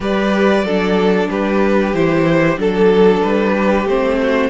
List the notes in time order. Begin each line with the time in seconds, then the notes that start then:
0.00 G3 G4 B4 D5
0.63 F#3 D4 A4
1.28 G3 G4 B4
1.93 E3 E4 C5
2.56 F#3 D4 A4
3.22 G3 B4
3.52 G4
3.85 A3 C4 C5
4.21 F#4